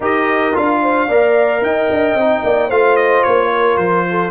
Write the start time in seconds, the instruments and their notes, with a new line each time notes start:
0.00 tuba D#4, trombone G4, horn A#4, trumpet D#5
0.53 tuba D4, trombone F4, trumpet F5
0.82 horn C5
1.08 tuba A#3, trombone A#4, horn D5
1.61 tuba D#4, horn D#5, trumpet G5
1.90 tuba D4
2.14 tuba C4, trombone D#4
2.43 tuba A#3, horn D5
2.67 tuba A3, trombone F4, horn C5, trumpet F5
2.96 trumpet D#5
3.23 tuba A#3, trumpet C#5
3.52 horn A#4
3.77 tuba F3, trumpet C5
4.10 horn A4